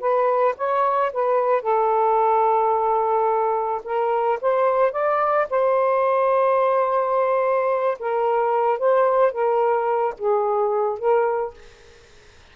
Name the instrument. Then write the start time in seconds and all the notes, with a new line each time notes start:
saxophone
0.00 B4
0.57 C#5
1.13 B4
1.62 A4
3.84 A#4
4.41 C5
4.92 D5
5.50 C5
7.99 A#4
8.79 C5
9.32 A#4
10.19 G#4
10.99 A#4